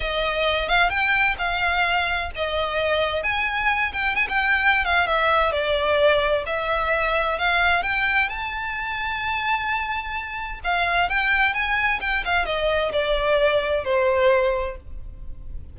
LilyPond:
\new Staff \with { instrumentName = "violin" } { \time 4/4 \tempo 4 = 130 dis''4. f''8 g''4 f''4~ | f''4 dis''2 gis''4~ | gis''8 g''8 gis''16 g''4~ g''16 f''8 e''4 | d''2 e''2 |
f''4 g''4 a''2~ | a''2. f''4 | g''4 gis''4 g''8 f''8 dis''4 | d''2 c''2 | }